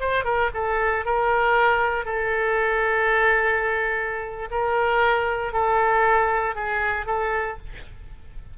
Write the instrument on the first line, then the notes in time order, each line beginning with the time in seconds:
oboe
0.00 C5
0.24 A#4
0.54 A4
1.05 A#4
2.05 A4
4.51 A#4
5.53 A4
6.55 G#4
7.06 A4